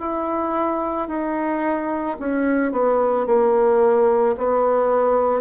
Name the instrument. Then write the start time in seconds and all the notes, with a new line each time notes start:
bassoon
0.00 E4
1.09 D#4
2.20 C#4
2.72 B3
3.27 A#3
4.38 B3